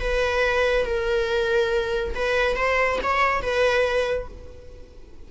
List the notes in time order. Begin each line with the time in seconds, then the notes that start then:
0.00 B4
0.86 A#4
2.15 B4
2.56 C5
3.03 C#5
3.42 B4